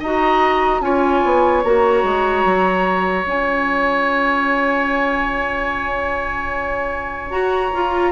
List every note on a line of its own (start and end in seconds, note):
0.00 0.81 D#4
0.00 0.82 F#4
0.00 0.81 D#5
0.00 0.82 A#5
0.81 1.22 C#4
0.81 1.64 F4
0.81 8.12 C#5
0.81 1.63 G#5
1.24 1.64 B3
1.64 2.04 A#3
1.64 3.25 F#4
1.64 3.26 A#5
2.04 2.44 G#3
2.45 3.26 F#3
3.25 7.32 C#4
3.25 7.30 F4
3.25 7.31 G#5
7.30 7.71 F#4
7.30 7.72 F#4
7.30 8.12 A#5
7.74 8.12 F4